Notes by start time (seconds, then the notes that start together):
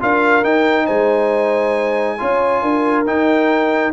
0.00 D4 F4 A#4 F5
0.44 D#4 G5
0.85 G#3 C5 G#5
2.18 C#4 F4 C#5
2.62 D4 A#4
3.06 D#4 G5